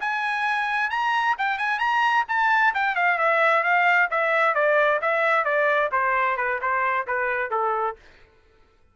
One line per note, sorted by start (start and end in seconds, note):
0.00 0.90 G#5
0.90 1.36 A#5
1.38 1.58 G5
1.58 1.79 G#5
1.79 2.25 A#5
2.28 2.74 A5
2.74 2.95 G5
2.95 3.18 F5
3.18 3.63 E5
3.63 4.09 F5
4.11 4.55 E5
4.55 5.00 D5
5.01 5.44 E5
5.44 5.90 D5
5.92 6.37 C5
6.37 6.60 B4
6.61 7.07 C5
7.07 7.51 B4
7.51 7.96 A4